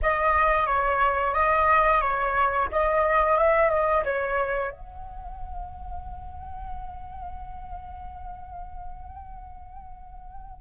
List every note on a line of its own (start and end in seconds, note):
0.02 0.66 D#5
0.66 1.34 C#5
1.34 2.01 D#5
2.01 2.68 C#5
2.71 3.37 D#5
3.37 3.70 E5
3.70 4.03 D#5
4.04 4.71 C#5
4.71 10.61 F#5